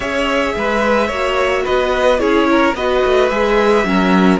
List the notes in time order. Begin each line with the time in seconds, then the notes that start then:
0.00 C#4 G#4 C#5 E5
0.56 G#3 B4
1.07 A#3 F#4 C#5
1.64 B3 B4 D#5
2.18 C#4 E4 G#4 C#5
2.51 A#4
2.74 B3 F#4 B4 D#5
3.04 A3
3.29 G#3 G#4 E5
3.85 F#3 C#4 A#4